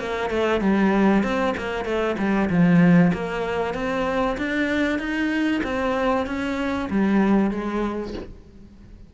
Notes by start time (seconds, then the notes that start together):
0.00 A#3
0.30 A3
0.61 G3
1.24 C4
1.58 A#3
1.85 A3
2.18 G3
2.50 F3
3.14 A#3
3.74 C4
4.38 D4
4.99 D#4
5.64 C4
6.27 C#4
6.90 G3
7.51 G#3